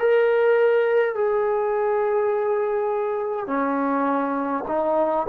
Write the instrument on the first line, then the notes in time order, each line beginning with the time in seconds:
trombone
0.00 A#4
1.16 G#4
3.48 C#4
4.68 D#4